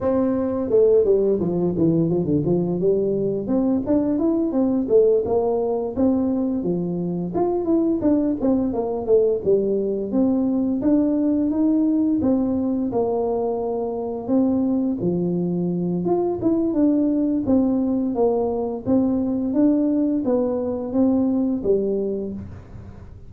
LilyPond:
\new Staff \with { instrumentName = "tuba" } { \time 4/4 \tempo 4 = 86 c'4 a8 g8 f8 e8 f16 d16 f8 | g4 c'8 d'8 e'8 c'8 a8 ais8~ | ais8 c'4 f4 f'8 e'8 d'8 | c'8 ais8 a8 g4 c'4 d'8~ |
d'8 dis'4 c'4 ais4.~ | ais8 c'4 f4. f'8 e'8 | d'4 c'4 ais4 c'4 | d'4 b4 c'4 g4 | }